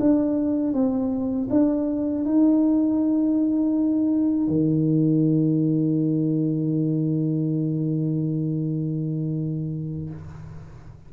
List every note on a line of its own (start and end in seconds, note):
0.00 0.74 D4
0.74 1.49 C4
1.51 2.25 D4
2.25 4.48 D#4
4.48 10.11 D#3